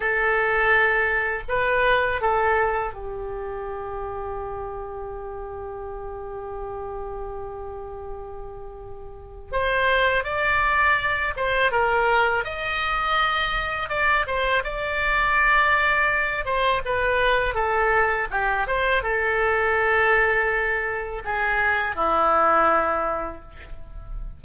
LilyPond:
\new Staff \with { instrumentName = "oboe" } { \time 4/4 \tempo 4 = 82 a'2 b'4 a'4 | g'1~ | g'1~ | g'4 c''4 d''4. c''8 |
ais'4 dis''2 d''8 c''8 | d''2~ d''8 c''8 b'4 | a'4 g'8 c''8 a'2~ | a'4 gis'4 e'2 | }